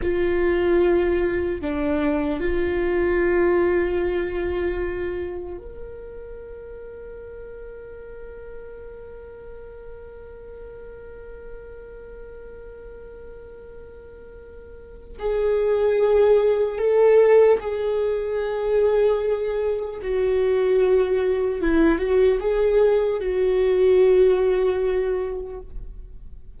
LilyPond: \new Staff \with { instrumentName = "viola" } { \time 4/4 \tempo 4 = 75 f'2 d'4 f'4~ | f'2. ais'4~ | ais'1~ | ais'1~ |
ais'2. gis'4~ | gis'4 a'4 gis'2~ | gis'4 fis'2 e'8 fis'8 | gis'4 fis'2. | }